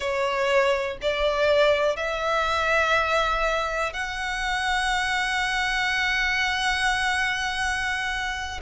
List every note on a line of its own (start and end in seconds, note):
0.00 0.98 C#5
1.01 1.96 D5
1.96 3.93 E5
3.93 8.60 F#5